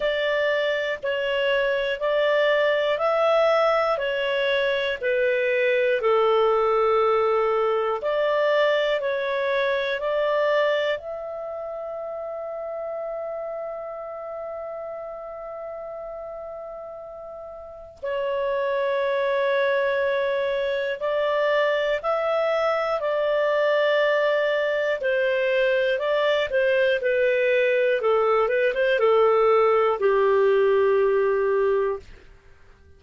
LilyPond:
\new Staff \with { instrumentName = "clarinet" } { \time 4/4 \tempo 4 = 60 d''4 cis''4 d''4 e''4 | cis''4 b'4 a'2 | d''4 cis''4 d''4 e''4~ | e''1~ |
e''2 cis''2~ | cis''4 d''4 e''4 d''4~ | d''4 c''4 d''8 c''8 b'4 | a'8 b'16 c''16 a'4 g'2 | }